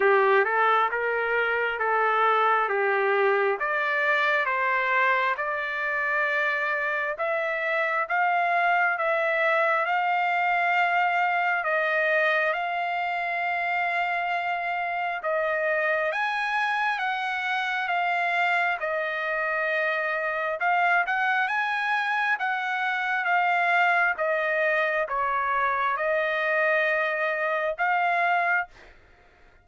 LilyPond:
\new Staff \with { instrumentName = "trumpet" } { \time 4/4 \tempo 4 = 67 g'8 a'8 ais'4 a'4 g'4 | d''4 c''4 d''2 | e''4 f''4 e''4 f''4~ | f''4 dis''4 f''2~ |
f''4 dis''4 gis''4 fis''4 | f''4 dis''2 f''8 fis''8 | gis''4 fis''4 f''4 dis''4 | cis''4 dis''2 f''4 | }